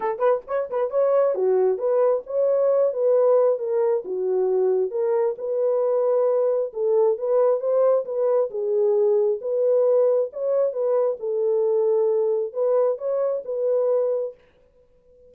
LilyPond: \new Staff \with { instrumentName = "horn" } { \time 4/4 \tempo 4 = 134 a'8 b'8 cis''8 b'8 cis''4 fis'4 | b'4 cis''4. b'4. | ais'4 fis'2 ais'4 | b'2. a'4 |
b'4 c''4 b'4 gis'4~ | gis'4 b'2 cis''4 | b'4 a'2. | b'4 cis''4 b'2 | }